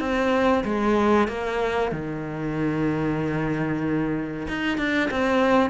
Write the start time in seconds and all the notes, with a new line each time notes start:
0.00 C4
0.64 G#3
1.28 A#3
1.92 D#3
4.48 D#4
4.78 D4
5.11 C4